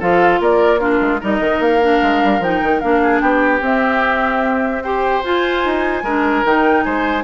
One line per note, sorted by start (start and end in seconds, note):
0.00 0.40 F3
0.00 0.80 F4
0.00 0.40 A4
0.00 0.42 F5
0.40 1.01 A#3
0.40 0.80 A#4
0.40 0.79 D5
0.79 1.20 D4
0.79 1.20 F4
0.79 1.20 A#4
1.01 1.21 G#3
1.20 1.40 G3
1.20 1.82 D#4
1.20 3.02 A#4
1.20 1.62 D#5
1.40 1.60 D#3
1.60 2.00 A#3
1.60 2.43 F5
1.82 2.42 D4
2.03 2.23 G#3
2.24 2.40 G3
2.40 2.60 F3
2.40 2.82 D#4
2.40 2.80 G5
2.63 2.83 D#3
2.80 3.21 A#3
2.80 3.62 D4
2.80 3.20 F5
3.02 3.22 G#4
3.20 3.61 B3
3.20 4.83 G4
3.20 3.61 G5
3.61 5.22 C4
3.61 4.82 C4
3.61 4.83 E5
4.83 5.24 G4
4.83 6.04 C5
4.83 5.23 G5
5.24 5.64 F4
5.24 6.05 F4
5.24 6.46 G#5
5.65 6.03 D#4
6.03 6.43 G#3
6.03 6.45 D4
6.03 6.84 A#4
6.45 6.85 D#3
6.45 7.24 D#4
6.45 6.83 G5
6.83 7.24 G#3
6.83 7.24 C5
6.83 7.24 G#5